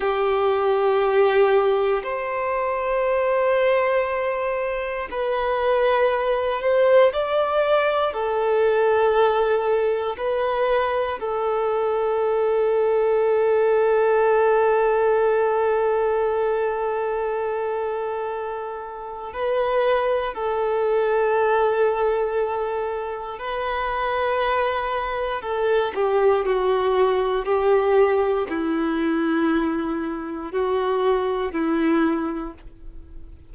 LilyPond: \new Staff \with { instrumentName = "violin" } { \time 4/4 \tempo 4 = 59 g'2 c''2~ | c''4 b'4. c''8 d''4 | a'2 b'4 a'4~ | a'1~ |
a'2. b'4 | a'2. b'4~ | b'4 a'8 g'8 fis'4 g'4 | e'2 fis'4 e'4 | }